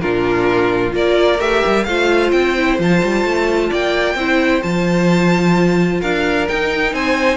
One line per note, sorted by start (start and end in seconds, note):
0.00 0.93 A#2
0.00 0.91 D4
0.00 0.94 F4
0.00 0.92 A#4
0.91 1.39 A#3
0.91 1.37 F4
0.91 1.86 A#4
0.91 1.40 D5
1.39 1.62 A3
1.39 1.86 G4
1.39 1.84 E5
1.66 1.86 G3
1.84 2.32 A3
1.84 2.57 F4
1.84 3.69 C5
1.84 2.30 F5
2.31 2.78 C4
2.31 2.77 G5
2.57 2.78 E4
2.78 3.02 F3
2.78 4.16 F4
2.78 3.73 A5
3.03 3.24 G3
3.24 3.71 A3
3.69 4.15 A#3
3.69 4.15 D5
3.69 4.62 G5
4.15 4.61 C4
4.15 4.62 E4
4.15 6.01 C5
4.62 6.02 F3
4.62 6.46 F4
4.62 6.01 A5
6.01 6.48 D4
6.01 6.93 A#4
6.01 6.47 F5
6.47 7.37 D#4
6.47 6.93 D#4
6.47 6.94 G5
6.93 7.37 C4
6.93 7.37 C5
6.93 7.37 G#5